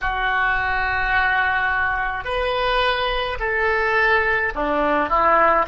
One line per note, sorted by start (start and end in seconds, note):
0.01 2.24 F#4
2.24 3.37 B4
3.40 4.53 A4
4.55 5.09 D4
5.09 5.66 E4